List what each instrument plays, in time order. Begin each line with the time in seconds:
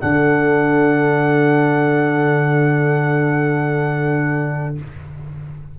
0.00 tuba D3, trombone D4, horn A4, trumpet F#5